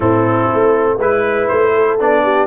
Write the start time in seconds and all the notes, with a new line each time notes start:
0.00 A2 C4 E4 A4
0.53 A3
0.97 G#3 E4 B4
1.48 A3 C5
1.74 A4
1.99 B3 D4 D5
2.23 G4